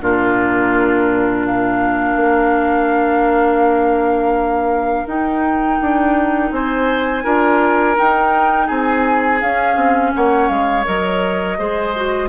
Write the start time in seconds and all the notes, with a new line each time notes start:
0.00 A#2 D4 F4 A#4
1.46 A#4 F5
2.16 A#3
5.06 D#4 G5
5.81 D4
6.51 C4 C5 G#5
7.24 D4 F4 A#4
7.95 D#4 G5
8.67 C4 G#4 G#5
9.41 C#4 F5
9.76 C4
10.15 A#3 C#5 F#5
10.48 G#3 F5
10.84 F#3 A#4 D#5
11.58 G#3 G#4 C5
11.95 F#4